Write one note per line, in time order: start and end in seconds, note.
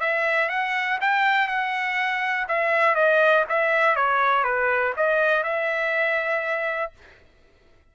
0.00 0.49 E5
0.49 0.98 F#5
1.01 1.48 G5
1.48 2.47 F#5
2.48 2.95 E5
2.95 3.45 D#5
3.49 3.96 E5
3.96 4.44 C#5
4.44 4.93 B4
4.97 5.43 D#5
5.43 6.92 E5